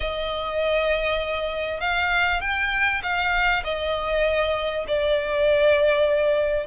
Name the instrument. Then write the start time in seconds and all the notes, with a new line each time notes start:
violin
0.00 D#5
1.80 F5
2.40 G5
3.02 F5
3.64 D#5
4.87 D5